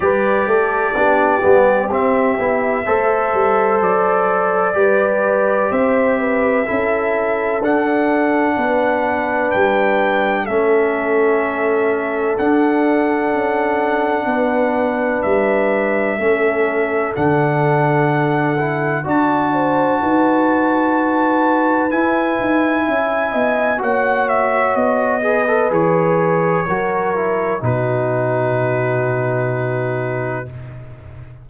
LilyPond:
<<
  \new Staff \with { instrumentName = "trumpet" } { \time 4/4 \tempo 4 = 63 d''2 e''2 | d''2 e''2 | fis''2 g''4 e''4~ | e''4 fis''2. |
e''2 fis''2 | a''2. gis''4~ | gis''4 fis''8 e''8 dis''4 cis''4~ | cis''4 b'2. | }
  \new Staff \with { instrumentName = "horn" } { \time 4/4 b'8 a'8 g'2 c''4~ | c''4 b'4 c''8 b'8 a'4~ | a'4 b'2 a'4~ | a'2. b'4~ |
b'4 a'2. | d''8 c''8 b'2. | e''8 dis''8 cis''4. b'4. | ais'4 fis'2. | }
  \new Staff \with { instrumentName = "trombone" } { \time 4/4 g'4 d'8 b8 c'8 e'8 a'4~ | a'4 g'2 e'4 | d'2. cis'4~ | cis'4 d'2.~ |
d'4 cis'4 d'4. e'8 | fis'2. e'4~ | e'4 fis'4. gis'16 a'16 gis'4 | fis'8 e'8 dis'2. | }
  \new Staff \with { instrumentName = "tuba" } { \time 4/4 g8 a8 b8 g8 c'8 b8 a8 g8 | fis4 g4 c'4 cis'4 | d'4 b4 g4 a4~ | a4 d'4 cis'4 b4 |
g4 a4 d2 | d'4 dis'2 e'8 dis'8 | cis'8 b8 ais4 b4 e4 | fis4 b,2. | }
>>